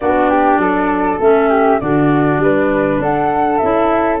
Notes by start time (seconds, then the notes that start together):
0.00 B3 D4 F#4 D5
0.29 G4
0.57 F#3 A4
1.20 A3 C#4 E5
1.49 G4
1.80 D3 D4 F#4 D5
2.38 G3 B4
2.98 D4 A4 F#5
3.57 C#4 E4 E5